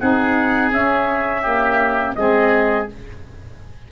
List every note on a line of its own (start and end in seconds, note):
0.00 0.72 C4
0.00 0.72 D#4
0.00 1.42 G#4
0.00 0.72 F#5
0.72 2.16 C#4
0.72 1.43 C#4
0.72 2.16 E5
1.42 2.16 A#3
1.42 2.14 G4
2.16 2.89 G#3
2.16 2.88 C4
2.16 2.92 G#4
2.16 2.88 D#5